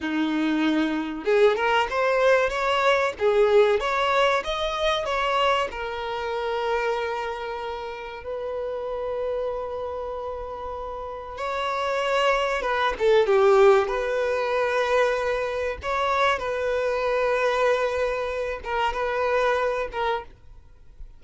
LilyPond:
\new Staff \with { instrumentName = "violin" } { \time 4/4 \tempo 4 = 95 dis'2 gis'8 ais'8 c''4 | cis''4 gis'4 cis''4 dis''4 | cis''4 ais'2.~ | ais'4 b'2.~ |
b'2 cis''2 | b'8 a'8 g'4 b'2~ | b'4 cis''4 b'2~ | b'4. ais'8 b'4. ais'8 | }